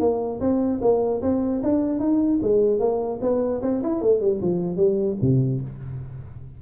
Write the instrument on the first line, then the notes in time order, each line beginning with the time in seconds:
tuba
0.00 A#3
0.41 C4
0.82 A#3
1.22 C4
1.63 D4
2.00 D#4
2.43 G#3
2.79 A#3
3.22 B3
3.62 C4
3.83 E4
4.02 A3
4.21 G3
4.42 F3
4.77 G3
5.21 C3